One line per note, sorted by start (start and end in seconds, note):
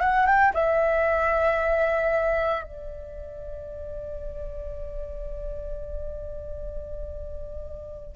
0.00 0.26 F#5
0.26 0.53 G5
0.54 2.63 E5
2.63 8.16 D5